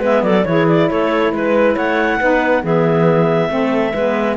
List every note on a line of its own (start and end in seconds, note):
0.00 0.22 G#3
0.00 0.45 B3
0.00 0.22 B4
0.00 0.23 E5
0.22 0.44 F#3
0.22 0.46 A4
0.22 0.45 D5
0.45 0.89 E3
0.45 2.19 E4
0.45 0.89 G#4
0.45 0.66 C#5
0.68 0.89 D5
0.89 1.32 A3
0.89 1.33 A4
0.89 1.32 C#5
1.32 1.76 G#3
1.32 1.75 B4
1.32 1.77 B4
1.75 2.20 A3
1.75 2.18 C#5
1.75 2.64 F#5
2.20 2.63 B3
2.20 2.63 D#4
2.20 2.63 B4
2.63 3.49 E3
2.63 3.49 B3
2.63 3.50 G#4
2.63 4.37 E5
3.49 3.92 A3
3.49 3.93 C4
3.49 3.93 A4
3.93 4.37 G#3
3.93 4.37 B3
3.93 4.36 B4